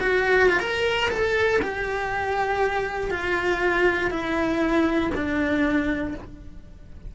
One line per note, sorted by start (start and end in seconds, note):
0.00 0.49 F#4
0.49 0.60 F4
0.60 1.10 A#4
1.10 1.60 A4
1.62 3.10 G4
3.10 4.10 F4
4.10 5.10 E4
5.14 6.14 D4